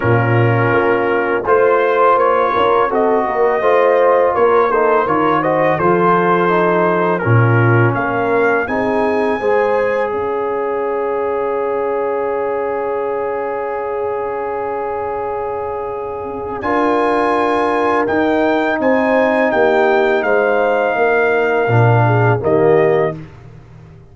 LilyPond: <<
  \new Staff \with { instrumentName = "trumpet" } { \time 4/4 \tempo 4 = 83 ais'2 c''4 cis''4 | dis''2 cis''8 c''8 cis''8 dis''8 | c''2 ais'4 f''4 | gis''2 f''2~ |
f''1~ | f''2. gis''4~ | gis''4 g''4 gis''4 g''4 | f''2. dis''4 | }
  \new Staff \with { instrumentName = "horn" } { \time 4/4 f'2 c''4. ais'8 | a'8 ais'8 c''4 ais'8 a'8 ais'8 c''8 | a'2 f'4 ais'4 | gis'4 c''4 cis''2~ |
cis''1~ | cis''2. ais'4~ | ais'2 c''4 g'4 | c''4 ais'4. gis'8 g'4 | }
  \new Staff \with { instrumentName = "trombone" } { \time 4/4 cis'2 f'2 | fis'4 f'4. dis'8 f'8 fis'8 | f'4 dis'4 cis'2 | dis'4 gis'2.~ |
gis'1~ | gis'2. f'4~ | f'4 dis'2.~ | dis'2 d'4 ais4 | }
  \new Staff \with { instrumentName = "tuba" } { \time 4/4 ais,4 ais4 a4 ais8 cis'8 | c'8 ais8 a4 ais4 dis4 | f2 ais,4 ais4 | c'4 gis4 cis'2~ |
cis'1~ | cis'2. d'4~ | d'4 dis'4 c'4 ais4 | gis4 ais4 ais,4 dis4 | }
>>